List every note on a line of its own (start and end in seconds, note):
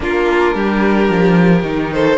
0.00 0.54 A#3
0.00 1.62 D4
0.00 0.55 F4
0.00 1.93 A#4
0.54 1.09 G3
0.54 1.93 G4
1.09 1.62 F3
1.62 2.17 D#3
1.62 2.18 D#4
1.93 2.18 A4
1.93 2.18 C5